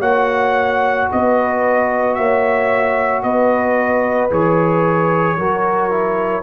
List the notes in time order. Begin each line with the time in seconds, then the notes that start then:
0.00 A#3 F#4 C#5 F#5
1.12 B3 B4 D#5
2.15 A#3 C#5 E5
3.23 B3 B4 D#5
4.31 E3 G#4 C#5
5.38 F#3 F#4 A#4
5.91 E4